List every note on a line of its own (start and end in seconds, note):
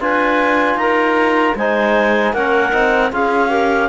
0.00 0.75 D4
0.00 1.56 F4
0.00 0.78 B4
0.00 0.78 G#5
0.75 1.52 D#4
0.75 1.56 A#4
0.75 1.56 A#5
1.55 2.33 G#3
1.55 2.36 D#4
1.55 2.33 C5
1.55 2.33 G#5
2.33 2.72 A#3
2.33 2.71 C#4
2.33 3.11 A#4
2.33 3.11 F#5
2.71 3.12 C4
2.71 3.10 D#4
3.11 3.88 C#4
3.11 3.49 F4
3.11 3.49 G#4
3.11 3.88 F5
3.49 3.88 G4
3.49 3.88 A#4